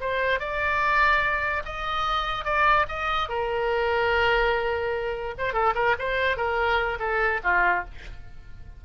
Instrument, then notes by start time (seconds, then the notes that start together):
oboe
0.00 C5
0.39 D5
1.65 D#5
2.45 D5
2.88 D#5
3.29 A#4
5.38 C5
5.53 A4
5.75 A#4
5.98 C5
6.37 A#4
6.99 A4
7.43 F4